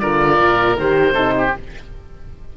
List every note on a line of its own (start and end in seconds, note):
0.00 0.41 D3
0.00 0.78 F4
0.00 1.14 A#4
0.00 0.76 D5
0.41 0.78 A#2
0.78 1.13 D#3
0.78 1.15 G4
0.78 1.56 C5
1.13 1.51 C3
1.13 1.53 D#4
1.13 1.33 A4
1.38 1.57 G4